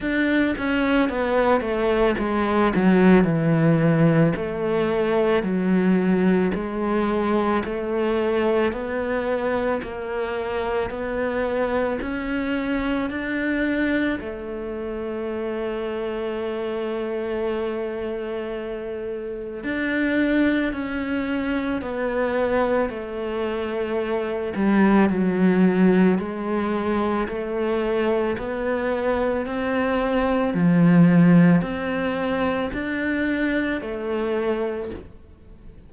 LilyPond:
\new Staff \with { instrumentName = "cello" } { \time 4/4 \tempo 4 = 55 d'8 cis'8 b8 a8 gis8 fis8 e4 | a4 fis4 gis4 a4 | b4 ais4 b4 cis'4 | d'4 a2.~ |
a2 d'4 cis'4 | b4 a4. g8 fis4 | gis4 a4 b4 c'4 | f4 c'4 d'4 a4 | }